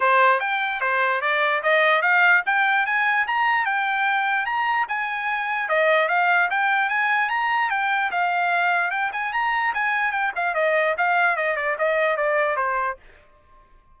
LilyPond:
\new Staff \with { instrumentName = "trumpet" } { \time 4/4 \tempo 4 = 148 c''4 g''4 c''4 d''4 | dis''4 f''4 g''4 gis''4 | ais''4 g''2 ais''4 | gis''2 dis''4 f''4 |
g''4 gis''4 ais''4 g''4 | f''2 g''8 gis''8 ais''4 | gis''4 g''8 f''8 dis''4 f''4 | dis''8 d''8 dis''4 d''4 c''4 | }